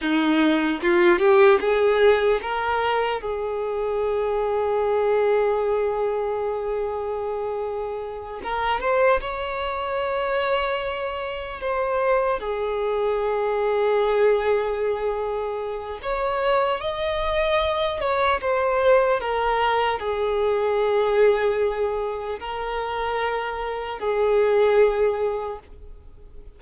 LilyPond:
\new Staff \with { instrumentName = "violin" } { \time 4/4 \tempo 4 = 75 dis'4 f'8 g'8 gis'4 ais'4 | gis'1~ | gis'2~ gis'8 ais'8 c''8 cis''8~ | cis''2~ cis''8 c''4 gis'8~ |
gis'1 | cis''4 dis''4. cis''8 c''4 | ais'4 gis'2. | ais'2 gis'2 | }